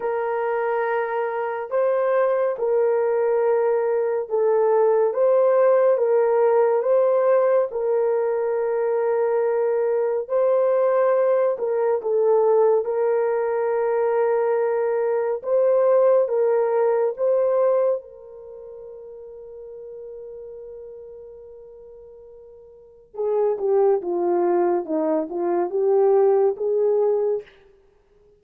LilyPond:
\new Staff \with { instrumentName = "horn" } { \time 4/4 \tempo 4 = 70 ais'2 c''4 ais'4~ | ais'4 a'4 c''4 ais'4 | c''4 ais'2. | c''4. ais'8 a'4 ais'4~ |
ais'2 c''4 ais'4 | c''4 ais'2.~ | ais'2. gis'8 g'8 | f'4 dis'8 f'8 g'4 gis'4 | }